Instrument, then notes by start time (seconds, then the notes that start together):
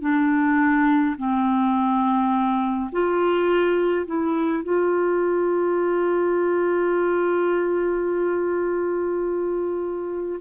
clarinet
0.00 D4
1.17 C4
2.92 F4
4.05 E4
4.63 F4